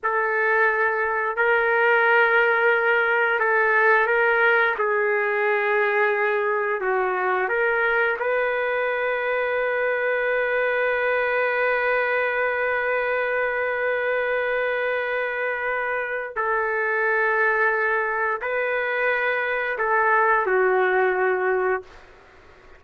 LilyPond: \new Staff \with { instrumentName = "trumpet" } { \time 4/4 \tempo 4 = 88 a'2 ais'2~ | ais'4 a'4 ais'4 gis'4~ | gis'2 fis'4 ais'4 | b'1~ |
b'1~ | b'1 | a'2. b'4~ | b'4 a'4 fis'2 | }